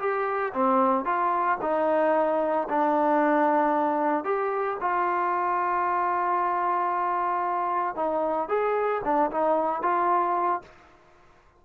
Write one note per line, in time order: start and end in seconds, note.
0.00 0.53 G4
0.54 1.05 C4
1.05 1.58 F4
1.62 2.68 D#4
2.69 4.25 D4
4.25 4.78 G4
4.81 7.96 F4
7.96 8.49 D#4
8.49 9.02 G#4
9.05 9.31 D4
9.31 9.83 D#4
9.83 10.62 F4